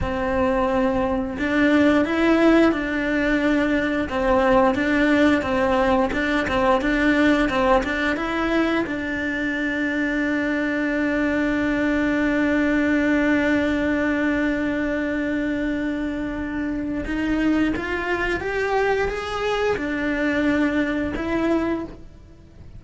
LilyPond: \new Staff \with { instrumentName = "cello" } { \time 4/4 \tempo 4 = 88 c'2 d'4 e'4 | d'2 c'4 d'4 | c'4 d'8 c'8 d'4 c'8 d'8 | e'4 d'2.~ |
d'1~ | d'1~ | d'4 dis'4 f'4 g'4 | gis'4 d'2 e'4 | }